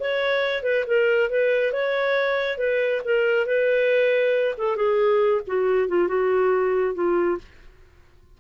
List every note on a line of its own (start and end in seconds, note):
0.00 0.63 C#5
0.63 0.85 B4
0.87 1.30 A#4
1.30 1.73 B4
1.73 2.58 C#5
2.58 3.02 B4
3.05 3.46 A#4
3.46 4.55 B4
4.58 4.76 A4
4.76 5.42 G#4
5.47 5.89 F#4
5.89 6.08 F4
6.08 6.95 F#4
6.95 7.38 F4